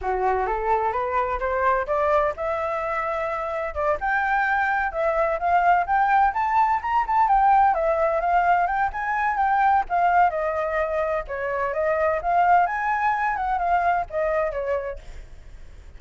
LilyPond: \new Staff \with { instrumentName = "flute" } { \time 4/4 \tempo 4 = 128 fis'4 a'4 b'4 c''4 | d''4 e''2. | d''8 g''2 e''4 f''8~ | f''8 g''4 a''4 ais''8 a''8 g''8~ |
g''8 e''4 f''4 g''8 gis''4 | g''4 f''4 dis''2 | cis''4 dis''4 f''4 gis''4~ | gis''8 fis''8 f''4 dis''4 cis''4 | }